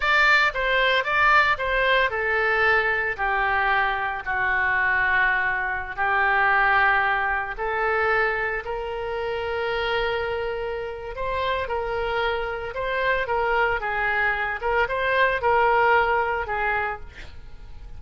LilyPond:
\new Staff \with { instrumentName = "oboe" } { \time 4/4 \tempo 4 = 113 d''4 c''4 d''4 c''4 | a'2 g'2 | fis'2.~ fis'16 g'8.~ | g'2~ g'16 a'4.~ a'16~ |
a'16 ais'2.~ ais'8.~ | ais'4 c''4 ais'2 | c''4 ais'4 gis'4. ais'8 | c''4 ais'2 gis'4 | }